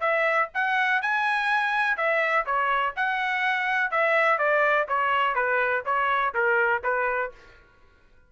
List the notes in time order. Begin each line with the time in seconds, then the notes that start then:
0.00 E5
0.54 F#5
1.02 G#5
1.97 E5
2.46 C#5
2.96 F#5
3.91 E5
4.38 D5
4.88 C#5
5.35 B4
5.85 C#5
6.34 A#4
6.84 B4